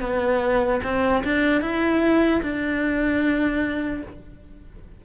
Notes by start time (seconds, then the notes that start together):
0.00 B3
0.84 C4
1.24 D4
1.61 E4
2.42 D4